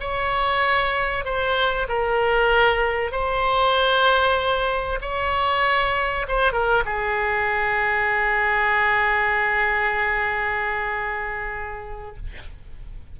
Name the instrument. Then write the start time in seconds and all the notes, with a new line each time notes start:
oboe
0.00 C#5
1.24 C5
1.88 A#4
3.11 C5
5.01 C#5
6.28 C5
6.52 A#4
6.85 G#4